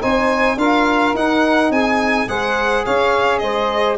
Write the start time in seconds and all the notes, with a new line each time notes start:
0.00 C4 D#4 C5 G#5
0.56 D4 F4 A#4 F5
1.14 D#4 F#5
1.70 C4 G#4 G#5
2.27 G#3 G#4 C5 F#5
2.84 C#4 C#5 F5
3.38 G#3 C5 D#5